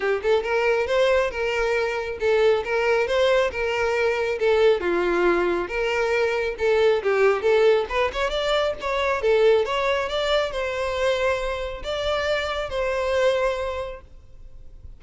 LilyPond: \new Staff \with { instrumentName = "violin" } { \time 4/4 \tempo 4 = 137 g'8 a'8 ais'4 c''4 ais'4~ | ais'4 a'4 ais'4 c''4 | ais'2 a'4 f'4~ | f'4 ais'2 a'4 |
g'4 a'4 b'8 cis''8 d''4 | cis''4 a'4 cis''4 d''4 | c''2. d''4~ | d''4 c''2. | }